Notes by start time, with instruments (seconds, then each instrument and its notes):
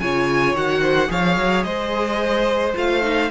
0.00 cello C#3, viola F4, violin C#5 G#5
0.54 cello D#3, viola F#4, violin F#5
0.81 violin C5
1.08 cello F3, viola G#4, violin C#5 F5
1.37 cello F#3
1.63 cello G#3, violin C5 D#5
2.74 cello A3, viola F4, violin F5
3.02 viola D#4